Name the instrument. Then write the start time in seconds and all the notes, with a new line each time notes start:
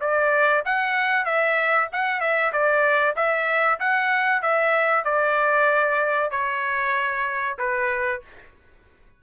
trumpet
0.00 D5
0.65 F#5
1.25 E5
1.92 F#5
2.20 E5
2.52 D5
3.16 E5
3.79 F#5
4.42 E5
5.04 D5
6.30 C#5
7.58 B4